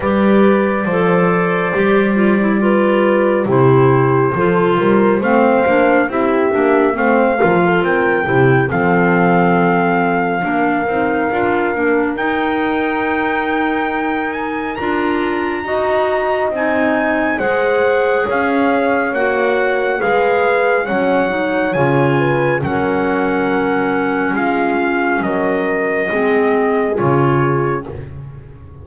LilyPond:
<<
  \new Staff \with { instrumentName = "trumpet" } { \time 4/4 \tempo 4 = 69 d''1 | c''2 f''4 e''4 | f''4 g''4 f''2~ | f''2 g''2~ |
g''8 gis''8 ais''2 gis''4 | fis''4 f''4 fis''4 f''4 | fis''4 gis''4 fis''2 | f''4 dis''2 cis''4 | }
  \new Staff \with { instrumentName = "horn" } { \time 4/4 b'4 c''2 b'4 | g'4 a'8 ais'8 c''4 g'4 | c''8 ais'16 a'16 ais'8 g'8 a'2 | ais'1~ |
ais'2 dis''2 | c''4 cis''2 b'4 | cis''4. b'8 ais'2 | f'4 ais'4 gis'2 | }
  \new Staff \with { instrumentName = "clarinet" } { \time 4/4 g'4 a'4 g'8 f'16 e'16 f'4 | e'4 f'4 c'8 d'8 e'8 d'8 | c'8 f'4 e'8 c'2 | d'8 dis'8 f'8 d'8 dis'2~ |
dis'4 f'4 fis'4 dis'4 | gis'2 fis'4 gis'4 | cis'8 dis'8 f'4 cis'2~ | cis'2 c'4 f'4 | }
  \new Staff \with { instrumentName = "double bass" } { \time 4/4 g4 f4 g2 | c4 f8 g8 a8 ais8 c'8 ais8 | a8 f8 c'8 c8 f2 | ais8 c'8 d'8 ais8 dis'2~ |
dis'4 d'4 dis'4 c'4 | gis4 cis'4 ais4 gis4 | fis4 cis4 fis2 | gis4 fis4 gis4 cis4 | }
>>